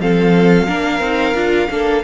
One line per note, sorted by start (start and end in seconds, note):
0.00 0.68 F3
0.00 0.67 C4
0.00 0.67 A4
0.00 2.03 F5
0.67 1.00 A#3
0.67 1.01 D4
0.67 1.69 A#4
1.00 1.34 C4
1.00 1.35 D#4
1.34 1.68 D4
1.34 1.69 F4
1.70 2.03 A#3
1.70 2.03 D4
1.70 2.03 A4